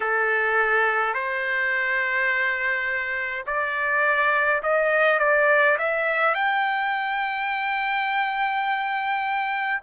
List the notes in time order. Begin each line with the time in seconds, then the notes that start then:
0.00 A4
1.14 C5
3.46 D5
4.62 D#5
5.19 D5
5.78 E5
6.34 G5